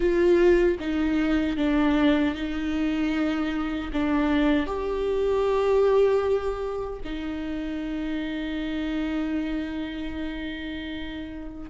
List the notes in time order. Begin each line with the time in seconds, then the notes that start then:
0.00 F4
0.79 D#4
1.57 D4
2.34 D#4
3.92 D4
4.66 G4
7.04 D#4